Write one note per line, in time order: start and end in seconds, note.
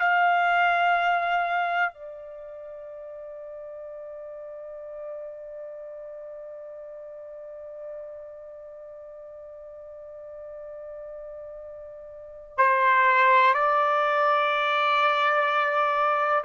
0.00 1.94 F5
1.94 12.58 D5
12.58 13.54 C5
13.54 16.44 D5